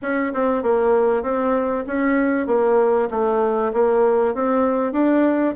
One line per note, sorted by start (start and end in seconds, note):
0.02 0.33 C#4
0.33 0.62 C4
0.62 1.22 A#3
1.22 1.84 C4
1.87 2.47 C#4
2.47 3.08 A#3
3.10 3.72 A3
3.73 4.34 A#3
4.34 4.92 C4
4.92 5.54 D4